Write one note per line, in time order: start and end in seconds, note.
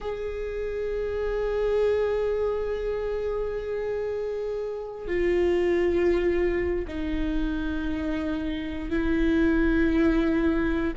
0.00 5.07 G#4
5.07 6.85 F4
6.87 8.89 D#4
8.89 10.93 E4